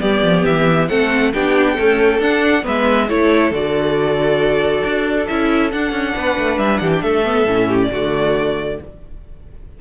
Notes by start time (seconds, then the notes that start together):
0.00 G3 B3 G4 D5
0.23 F3
0.45 E3 E5
0.88 A3 C4 A4 F#5
1.33 B3 D4 G4 G5
1.74 A3 C#4 A4
2.19 D4 F#5
2.62 G#3 B3 B4 E5
3.09 A3 E4 A4 C#5
3.51 D3 F#4 D5
4.84 D4
5.27 C#4 E4 E5
5.71 D4 F#5
5.92 C#4
6.16 B3 B4
6.38 A3
6.58 G3 E5
6.78 E3 G4 F#5
6.93 G5
7.02 A3 A4 E5
7.24 B3
7.45 A2 C#4
7.68 G4
7.82 D5
7.90 D3 A3 F#4